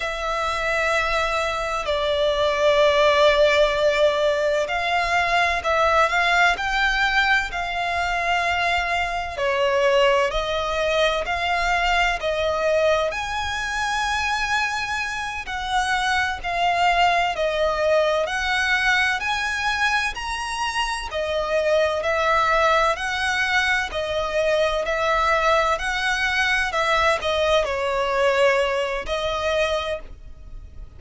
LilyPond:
\new Staff \with { instrumentName = "violin" } { \time 4/4 \tempo 4 = 64 e''2 d''2~ | d''4 f''4 e''8 f''8 g''4 | f''2 cis''4 dis''4 | f''4 dis''4 gis''2~ |
gis''8 fis''4 f''4 dis''4 fis''8~ | fis''8 gis''4 ais''4 dis''4 e''8~ | e''8 fis''4 dis''4 e''4 fis''8~ | fis''8 e''8 dis''8 cis''4. dis''4 | }